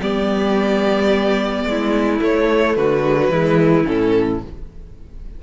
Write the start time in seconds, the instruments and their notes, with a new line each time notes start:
0.00 cello G3, viola B3, violin G4 D5
1.65 cello G#3, violin E4
2.19 viola A3, cello A3, violin C#5
2.76 cello D3, violin F#4 B4
3.06 viola G#3
3.17 viola F#3
3.29 cello E3, viola G#3, violin E4
3.85 cello A2, viola C#4, violin A4